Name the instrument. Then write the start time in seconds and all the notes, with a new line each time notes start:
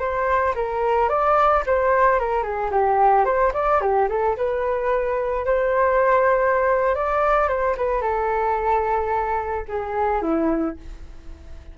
flute
0.00 C5
0.55 A#4
1.09 D5
1.66 C5
2.20 A#4
2.43 G#4
2.71 G4
3.26 C5
3.54 D5
3.82 G4
4.09 A4
4.37 B4
5.46 C5
6.95 D5
7.49 C5
7.78 B4
8.02 A4
9.69 G#4
10.22 E4